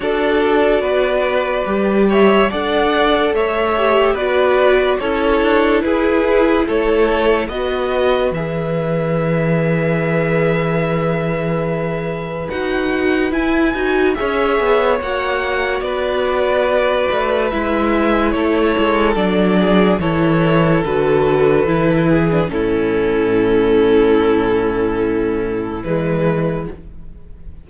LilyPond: <<
  \new Staff \with { instrumentName = "violin" } { \time 4/4 \tempo 4 = 72 d''2~ d''8 e''8 fis''4 | e''4 d''4 cis''4 b'4 | cis''4 dis''4 e''2~ | e''2. fis''4 |
gis''4 e''4 fis''4 d''4~ | d''4 e''4 cis''4 d''4 | cis''4 b'2 a'4~ | a'2. b'4 | }
  \new Staff \with { instrumentName = "violin" } { \time 4/4 a'4 b'4. cis''8 d''4 | cis''4 b'4 a'4 gis'4 | a'4 b'2.~ | b'1~ |
b'4 cis''2 b'4~ | b'2 a'4. gis'8 | a'2~ a'8 gis'8 e'4~ | e'1 | }
  \new Staff \with { instrumentName = "viola" } { \time 4/4 fis'2 g'4 a'4~ | a'8 g'8 fis'4 e'2~ | e'4 fis'4 gis'2~ | gis'2. fis'4 |
e'8 fis'8 gis'4 fis'2~ | fis'4 e'2 d'4 | e'4 fis'4 e'8. d'16 cis'4~ | cis'2. gis4 | }
  \new Staff \with { instrumentName = "cello" } { \time 4/4 d'4 b4 g4 d'4 | a4 b4 cis'8 d'8 e'4 | a4 b4 e2~ | e2. dis'4 |
e'8 dis'8 cis'8 b8 ais4 b4~ | b8 a8 gis4 a8 gis8 fis4 | e4 d4 e4 a,4~ | a,2. e4 | }
>>